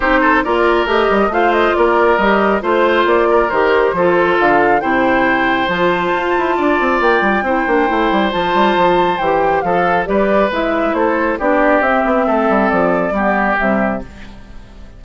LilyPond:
<<
  \new Staff \with { instrumentName = "flute" } { \time 4/4 \tempo 4 = 137 c''4 d''4 dis''4 f''8 dis''8 | d''4 dis''4 c''4 d''4 | c''2 f''4 g''4~ | g''4 a''2. |
g''2. a''4~ | a''4 g''4 f''4 d''4 | e''4 c''4 d''4 e''4~ | e''4 d''2 e''4 | }
  \new Staff \with { instrumentName = "oboe" } { \time 4/4 g'8 a'8 ais'2 c''4 | ais'2 c''4. ais'8~ | ais'4 a'2 c''4~ | c''2. d''4~ |
d''4 c''2.~ | c''2 a'4 b'4~ | b'4 a'4 g'2 | a'2 g'2 | }
  \new Staff \with { instrumentName = "clarinet" } { \time 4/4 dis'4 f'4 g'4 f'4~ | f'4 g'4 f'2 | g'4 f'2 e'4~ | e'4 f'2.~ |
f'4 e'8 d'8 e'4 f'4~ | f'4 g'4 a'4 g'4 | e'2 d'4 c'4~ | c'2 b4 g4 | }
  \new Staff \with { instrumentName = "bassoon" } { \time 4/4 c'4 ais4 a8 g8 a4 | ais4 g4 a4 ais4 | dis4 f4 d4 c4~ | c4 f4 f'8 e'8 d'8 c'8 |
ais8 g8 c'8 ais8 a8 g8 f8 g8 | f4 e4 f4 g4 | gis4 a4 b4 c'8 b8 | a8 g8 f4 g4 c4 | }
>>